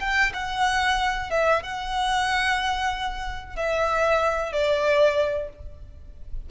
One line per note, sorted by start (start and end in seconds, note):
0.00 0.32 G5
0.33 1.30 F#5
1.30 1.62 E5
1.63 3.56 F#5
3.56 4.52 E5
4.52 5.49 D5